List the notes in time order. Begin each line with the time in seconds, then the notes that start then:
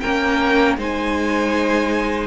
0.00 A#3 C#4 A#4 G5
0.77 G#3 D#4 C5 G#5